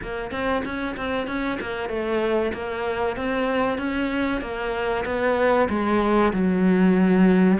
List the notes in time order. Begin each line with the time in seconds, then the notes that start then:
0.02 A#3
0.31 C4
0.64 C#4
0.96 C4
1.27 C#4
1.60 A#3
1.89 A3
2.53 A#3
3.16 C4
3.78 C#4
4.41 A#3
5.05 B3
5.69 G#3
6.32 F#3